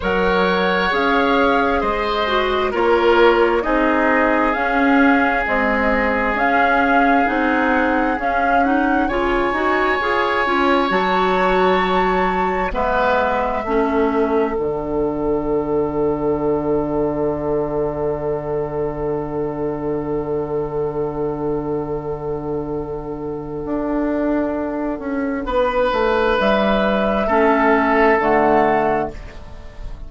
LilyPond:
<<
  \new Staff \with { instrumentName = "flute" } { \time 4/4 \tempo 4 = 66 fis''4 f''4 dis''4 cis''4 | dis''4 f''4 dis''4 f''4 | fis''4 f''8 fis''8 gis''2 | a''2 e''2 |
fis''1~ | fis''1~ | fis''1~ | fis''4 e''2 fis''4 | }
  \new Staff \with { instrumentName = "oboe" } { \time 4/4 cis''2 c''4 ais'4 | gis'1~ | gis'2 cis''2~ | cis''2 b'4 a'4~ |
a'1~ | a'1~ | a'1 | b'2 a'2 | }
  \new Staff \with { instrumentName = "clarinet" } { \time 4/4 ais'4 gis'4. fis'8 f'4 | dis'4 cis'4 gis4 cis'4 | dis'4 cis'8 dis'8 f'8 fis'8 gis'8 f'8 | fis'2 b4 cis'4 |
d'1~ | d'1~ | d'1~ | d'2 cis'4 a4 | }
  \new Staff \with { instrumentName = "bassoon" } { \time 4/4 fis4 cis'4 gis4 ais4 | c'4 cis'4 c'4 cis'4 | c'4 cis'4 cis8 dis'8 f'8 cis'8 | fis2 gis4 a4 |
d1~ | d1~ | d2 d'4. cis'8 | b8 a8 g4 a4 d4 | }
>>